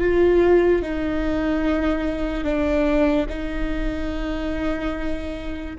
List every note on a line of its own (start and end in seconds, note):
0.00 0.82 F4
0.82 2.44 D#4
2.44 3.26 D4
3.29 5.75 D#4